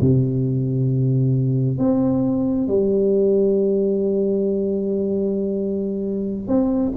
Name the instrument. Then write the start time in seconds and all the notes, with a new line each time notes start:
tuba
0.00 C3
1.78 C4
2.67 G3
6.47 C4